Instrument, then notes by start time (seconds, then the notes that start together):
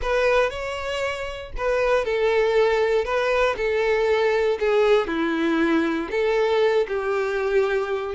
violin
0.02 B4
0.50 C#5
1.57 B4
2.05 A4
3.04 B4
3.56 A4
4.59 G#4
5.07 E4
6.10 A4
6.88 G4